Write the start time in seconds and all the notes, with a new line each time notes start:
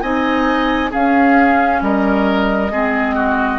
0.00 C4 D#4 D#5 G#5
0.90 C#4 G#4 F5
1.81 G3 A#4 D#5
2.71 G#3 C4 G#4
3.15 F#4